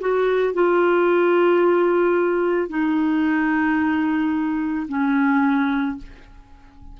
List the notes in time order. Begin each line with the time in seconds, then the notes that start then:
0.00 F#4
0.54 F4
2.69 D#4
4.88 C#4